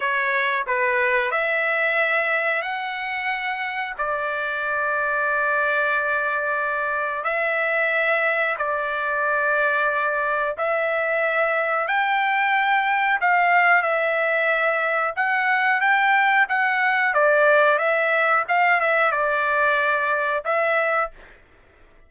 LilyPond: \new Staff \with { instrumentName = "trumpet" } { \time 4/4 \tempo 4 = 91 cis''4 b'4 e''2 | fis''2 d''2~ | d''2. e''4~ | e''4 d''2. |
e''2 g''2 | f''4 e''2 fis''4 | g''4 fis''4 d''4 e''4 | f''8 e''8 d''2 e''4 | }